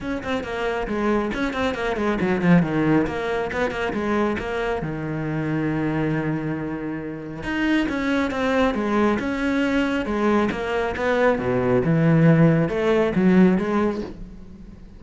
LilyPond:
\new Staff \with { instrumentName = "cello" } { \time 4/4 \tempo 4 = 137 cis'8 c'8 ais4 gis4 cis'8 c'8 | ais8 gis8 fis8 f8 dis4 ais4 | b8 ais8 gis4 ais4 dis4~ | dis1~ |
dis4 dis'4 cis'4 c'4 | gis4 cis'2 gis4 | ais4 b4 b,4 e4~ | e4 a4 fis4 gis4 | }